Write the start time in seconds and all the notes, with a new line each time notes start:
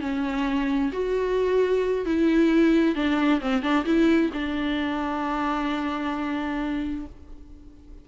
0.00 C#4
0.92 F#4
2.05 E4
2.95 D4
3.40 C4
3.62 D4
3.85 E4
4.33 D4